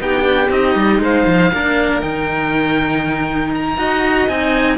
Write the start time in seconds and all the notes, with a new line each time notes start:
0.00 B3 D#4 G4 G5
0.21 D4
0.50 C4 D#4 D#5
0.76 G3
0.99 G#3 C5 F5
1.26 F3
1.52 A#3 D4 A#4
2.02 D#3 D#4 G5
3.55 A#5
3.76 D#4 F#4 D#5
4.28 C4 D#4 G#5